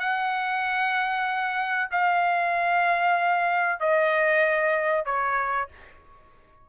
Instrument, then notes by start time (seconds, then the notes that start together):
trumpet
0.00 F#5
1.91 F5
3.80 D#5
5.06 C#5